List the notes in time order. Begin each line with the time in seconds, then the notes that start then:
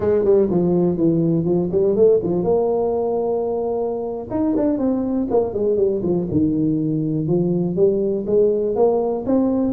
0.00 G#3
0.24 G3
0.50 F3
0.97 E3
1.44 F3
1.71 G3
1.96 A3
2.22 F3
2.43 A#3
4.30 D#4
4.56 D4
4.78 C4
5.30 A#3
5.53 G#3
5.77 G3
6.02 F3
6.31 D#3
7.27 F3
7.76 G3
8.26 G#3
8.75 A#3
9.26 C4